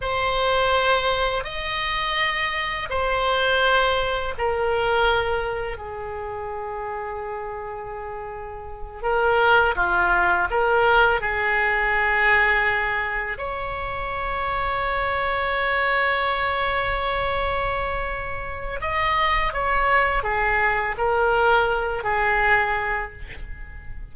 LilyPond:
\new Staff \with { instrumentName = "oboe" } { \time 4/4 \tempo 4 = 83 c''2 dis''2 | c''2 ais'2 | gis'1~ | gis'8 ais'4 f'4 ais'4 gis'8~ |
gis'2~ gis'8 cis''4.~ | cis''1~ | cis''2 dis''4 cis''4 | gis'4 ais'4. gis'4. | }